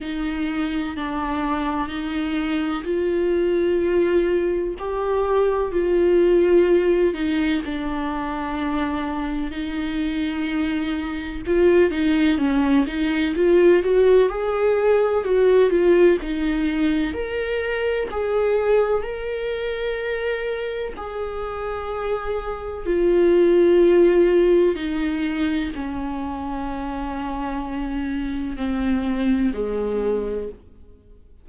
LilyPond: \new Staff \with { instrumentName = "viola" } { \time 4/4 \tempo 4 = 63 dis'4 d'4 dis'4 f'4~ | f'4 g'4 f'4. dis'8 | d'2 dis'2 | f'8 dis'8 cis'8 dis'8 f'8 fis'8 gis'4 |
fis'8 f'8 dis'4 ais'4 gis'4 | ais'2 gis'2 | f'2 dis'4 cis'4~ | cis'2 c'4 gis4 | }